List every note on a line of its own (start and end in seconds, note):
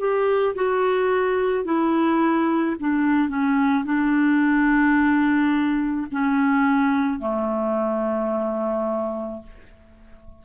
0.00 0.56 G4
0.56 1.65 F#4
1.65 2.76 E4
2.80 3.29 D4
3.29 3.85 C#4
3.85 6.08 D4
6.12 7.20 C#4
7.20 9.42 A3